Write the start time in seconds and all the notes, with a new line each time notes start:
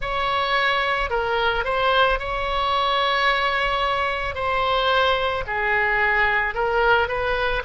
0.00 C#5
1.10 A#4
1.64 C5
2.19 C#5
4.34 C5
5.46 G#4
6.54 A#4
7.08 B4